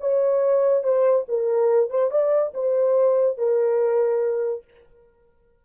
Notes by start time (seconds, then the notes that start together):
0.00 C#5
0.83 C5
1.28 A#4
1.90 C5
2.11 D5
2.54 C5
3.38 A#4